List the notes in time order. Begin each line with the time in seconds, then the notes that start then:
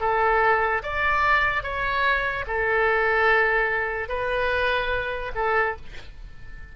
0.00 A4
0.83 D5
1.63 C#5
2.47 A4
4.08 B4
5.35 A4